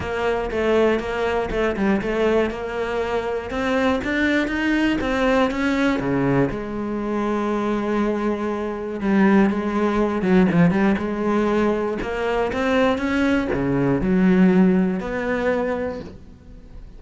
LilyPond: \new Staff \with { instrumentName = "cello" } { \time 4/4 \tempo 4 = 120 ais4 a4 ais4 a8 g8 | a4 ais2 c'4 | d'4 dis'4 c'4 cis'4 | cis4 gis2.~ |
gis2 g4 gis4~ | gis8 fis8 f8 g8 gis2 | ais4 c'4 cis'4 cis4 | fis2 b2 | }